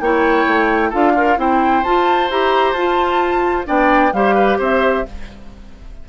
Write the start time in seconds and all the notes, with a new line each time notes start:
0.00 A#3 E4 C#5 G5
0.47 A3
0.89 D4 F4 A4 F5
1.14 F4 A#4
1.37 C4 E4 C5 G5
1.83 F4 A5
2.30 E4 G4 A#5
2.73 F4 A5
3.65 B3 D4 D5 G5
4.13 G3 G4 C5 F5
4.35 B4
4.58 C4 C5 E5